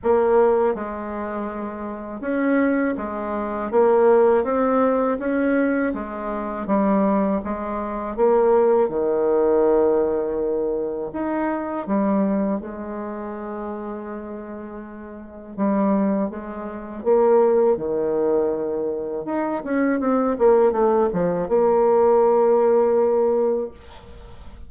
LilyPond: \new Staff \with { instrumentName = "bassoon" } { \time 4/4 \tempo 4 = 81 ais4 gis2 cis'4 | gis4 ais4 c'4 cis'4 | gis4 g4 gis4 ais4 | dis2. dis'4 |
g4 gis2.~ | gis4 g4 gis4 ais4 | dis2 dis'8 cis'8 c'8 ais8 | a8 f8 ais2. | }